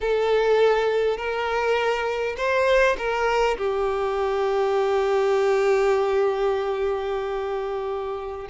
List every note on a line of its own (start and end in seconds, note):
0.01 1.17 A4
1.17 2.36 A#4
2.37 2.96 C5
2.97 3.57 A#4
3.57 8.47 G4